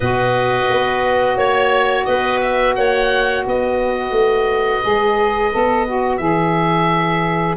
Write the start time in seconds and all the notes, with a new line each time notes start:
0.00 B2 F#4 B4 D#5
0.70 B3
1.36 A#3 C#5
2.05 B3 B4 D#5
2.40 E5
2.75 A#3 C#5 F#5
3.45 B3 B4 D#5
4.11 A3
4.82 G#3 G#4
5.52 B3 A4
5.86 F#4
6.17 E3 G#4 E5